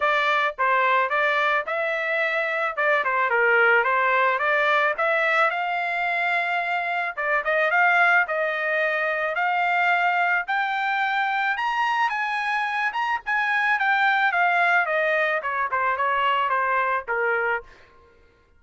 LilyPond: \new Staff \with { instrumentName = "trumpet" } { \time 4/4 \tempo 4 = 109 d''4 c''4 d''4 e''4~ | e''4 d''8 c''8 ais'4 c''4 | d''4 e''4 f''2~ | f''4 d''8 dis''8 f''4 dis''4~ |
dis''4 f''2 g''4~ | g''4 ais''4 gis''4. ais''8 | gis''4 g''4 f''4 dis''4 | cis''8 c''8 cis''4 c''4 ais'4 | }